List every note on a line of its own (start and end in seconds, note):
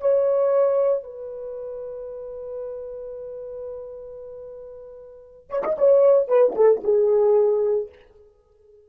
0.00 1.03 C#5
1.03 5.50 B4
5.50 5.63 C#5
5.63 5.77 D#5
5.78 6.27 C#5
6.27 6.54 B4
6.55 6.82 A4
6.83 7.89 G#4